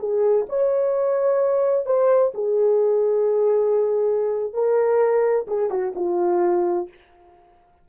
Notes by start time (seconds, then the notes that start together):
0.00 G#4
0.49 C#5
1.86 C5
2.35 G#4
4.54 A#4
5.48 G#4
5.71 F#4
5.96 F4